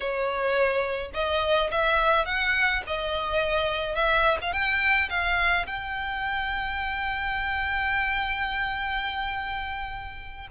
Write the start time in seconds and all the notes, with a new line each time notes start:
0.00 C#5
1.13 D#5
1.71 E5
2.25 F#5
2.86 D#5
3.95 E5
4.42 F5
4.52 G5
5.09 F5
5.66 G5